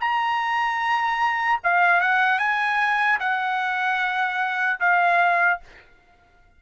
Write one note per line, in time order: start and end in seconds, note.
0.00 1.60 A#5
1.64 2.01 F5
2.01 2.39 F#5
2.39 3.19 G#5
3.20 4.80 F#5
4.80 5.60 F5